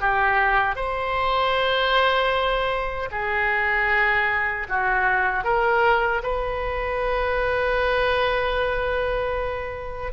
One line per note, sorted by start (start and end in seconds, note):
0.00 0.75 G4
0.75 3.09 C5
3.11 4.67 G#4
4.69 5.44 F#4
5.44 6.22 A#4
6.23 10.12 B4